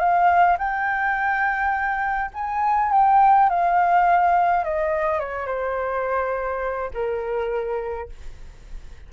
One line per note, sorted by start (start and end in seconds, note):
0.00 0.58 F5
0.58 2.32 G5
2.34 2.92 G#5
2.92 3.50 G5
3.50 4.65 F5
4.65 5.20 D#5
5.20 5.47 C#5
5.47 6.91 C5
6.94 8.10 A#4